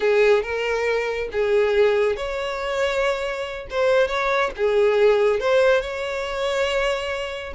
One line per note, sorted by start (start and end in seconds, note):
0.00 0.42 G#4
0.42 1.29 A#4
1.32 2.16 G#4
2.16 3.67 C#5
3.70 4.07 C5
4.07 4.50 C#5
4.56 5.40 G#4
5.40 5.81 C5
5.81 7.53 C#5